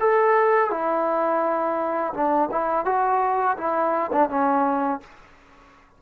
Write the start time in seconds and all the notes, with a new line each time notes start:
0.00 A4
0.70 E4
2.13 D4
2.51 E4
2.85 F#4
3.57 E4
4.12 D4
4.29 C#4